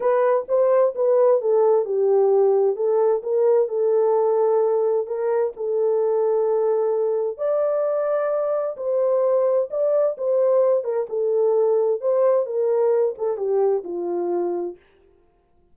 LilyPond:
\new Staff \with { instrumentName = "horn" } { \time 4/4 \tempo 4 = 130 b'4 c''4 b'4 a'4 | g'2 a'4 ais'4 | a'2. ais'4 | a'1 |
d''2. c''4~ | c''4 d''4 c''4. ais'8 | a'2 c''4 ais'4~ | ais'8 a'8 g'4 f'2 | }